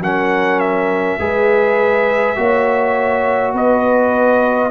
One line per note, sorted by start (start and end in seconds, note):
0.00 1.18 F#3
0.00 1.20 C#4
0.00 1.20 A#4
0.00 0.60 F#5
0.60 3.54 E5
1.19 2.37 G#3
1.19 2.36 G#4
1.19 2.38 B4
2.36 3.54 A#3
2.36 4.71 F#4
2.36 3.54 C#5
3.54 4.71 B3
3.54 4.71 B4
3.54 4.71 D#5